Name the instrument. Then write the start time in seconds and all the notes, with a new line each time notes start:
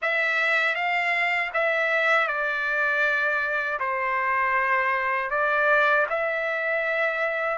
trumpet
0.01 E5
0.75 F5
1.53 E5
2.27 D5
3.79 C5
5.30 D5
6.09 E5